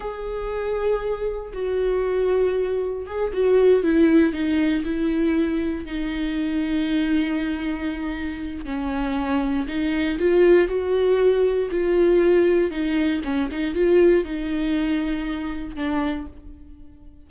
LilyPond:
\new Staff \with { instrumentName = "viola" } { \time 4/4 \tempo 4 = 118 gis'2. fis'4~ | fis'2 gis'8 fis'4 e'8~ | e'8 dis'4 e'2 dis'8~ | dis'1~ |
dis'4 cis'2 dis'4 | f'4 fis'2 f'4~ | f'4 dis'4 cis'8 dis'8 f'4 | dis'2. d'4 | }